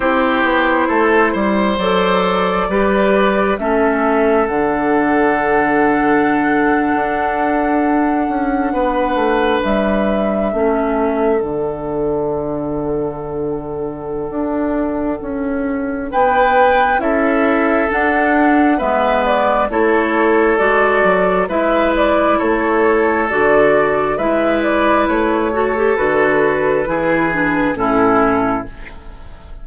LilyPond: <<
  \new Staff \with { instrumentName = "flute" } { \time 4/4 \tempo 4 = 67 c''2 d''2 | e''4 fis''2.~ | fis''2~ fis''8. e''4~ e''16~ | e''8. fis''2.~ fis''16~ |
fis''2 g''4 e''4 | fis''4 e''8 d''8 cis''4 d''4 | e''8 d''8 cis''4 d''4 e''8 d''8 | cis''4 b'2 a'4 | }
  \new Staff \with { instrumentName = "oboe" } { \time 4/4 g'4 a'8 c''4. b'4 | a'1~ | a'4.~ a'16 b'2 a'16~ | a'1~ |
a'2 b'4 a'4~ | a'4 b'4 a'2 | b'4 a'2 b'4~ | b'8 a'4. gis'4 e'4 | }
  \new Staff \with { instrumentName = "clarinet" } { \time 4/4 e'2 a'4 g'4 | cis'4 d'2.~ | d'2.~ d'8. cis'16~ | cis'8. d'2.~ d'16~ |
d'2. e'4 | d'4 b4 e'4 fis'4 | e'2 fis'4 e'4~ | e'8 fis'16 g'16 fis'4 e'8 d'8 cis'4 | }
  \new Staff \with { instrumentName = "bassoon" } { \time 4/4 c'8 b8 a8 g8 fis4 g4 | a4 d2~ d8. d'16~ | d'4~ d'16 cis'8 b8 a8 g4 a16~ | a8. d2.~ d16 |
d'4 cis'4 b4 cis'4 | d'4 gis4 a4 gis8 fis8 | gis4 a4 d4 gis4 | a4 d4 e4 a,4 | }
>>